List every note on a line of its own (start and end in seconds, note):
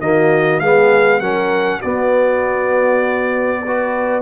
0.00 0.61 D#3
0.00 0.62 A#3
0.00 0.62 F#4
0.00 0.60 D#5
0.60 1.20 G#3
0.60 1.21 B3
0.60 1.21 G#4
0.60 1.20 F5
1.20 1.80 F#3
1.20 1.82 C#4
1.20 1.78 A#4
1.20 1.81 F#5
1.78 3.60 F#4
1.78 4.22 D5
1.84 3.66 B3
1.84 4.22 B3
3.65 4.22 F#4
3.65 4.22 B4